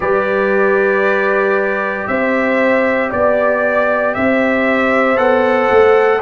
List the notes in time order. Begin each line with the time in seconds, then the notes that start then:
0.00 G3 G4 B4 D5
2.07 C4 C5 E5
3.09 B3 D5
4.14 C4 C5 E5
5.16 B3 A4 F#5
5.70 A3